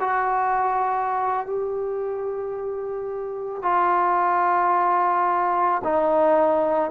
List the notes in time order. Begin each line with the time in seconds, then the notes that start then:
0.00 F#4
1.46 G4
3.62 F4
5.84 D#4